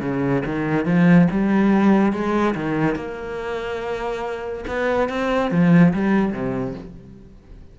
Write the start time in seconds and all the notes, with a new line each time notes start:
0.00 C#3
0.45 D#3
0.85 F3
1.31 G3
2.12 G#3
2.55 D#3
2.95 A#3
4.67 B3
5.09 C4
5.51 F3
5.93 G3
6.32 C3